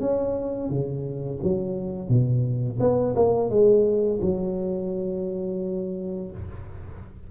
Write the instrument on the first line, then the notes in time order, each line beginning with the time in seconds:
tuba
0.00 C#4
0.70 C#3
1.43 F#3
2.09 B2
2.80 B3
3.15 A#3
3.50 G#3
4.21 F#3